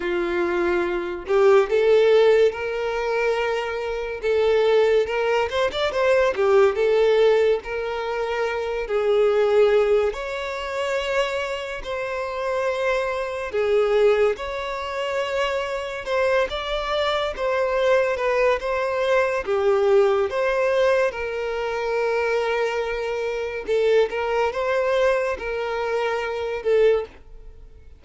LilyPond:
\new Staff \with { instrumentName = "violin" } { \time 4/4 \tempo 4 = 71 f'4. g'8 a'4 ais'4~ | ais'4 a'4 ais'8 c''16 d''16 c''8 g'8 | a'4 ais'4. gis'4. | cis''2 c''2 |
gis'4 cis''2 c''8 d''8~ | d''8 c''4 b'8 c''4 g'4 | c''4 ais'2. | a'8 ais'8 c''4 ais'4. a'8 | }